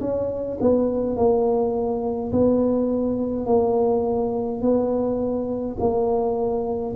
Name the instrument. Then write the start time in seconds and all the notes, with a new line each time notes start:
tuba
0.00 C#4
0.60 B3
1.16 A#3
2.31 B3
3.46 A#3
4.61 B3
5.79 A#3